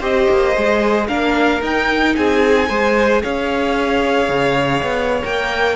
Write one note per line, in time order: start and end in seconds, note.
0.00 0.28 C4
0.00 0.55 G4
0.00 1.07 C5
0.00 1.08 D#5
0.31 0.57 A#3
0.55 1.09 G#3
0.55 1.08 G#4
1.08 1.62 A#3
1.08 1.62 D4
1.08 2.16 A#4
1.08 1.62 F5
1.62 2.16 D#4
1.62 2.69 D#4
1.62 2.16 G5
2.16 2.69 C4
2.16 2.69 G#4
2.16 3.23 G#5
2.69 3.23 G#3
2.69 5.23 G#4
2.69 3.23 C5
3.23 4.29 C#4
3.23 5.76 C#5
3.23 5.24 F5
4.29 4.83 C#3
4.83 5.23 B3
5.23 5.76 A#3
5.23 5.76 A#4
5.23 5.76 G5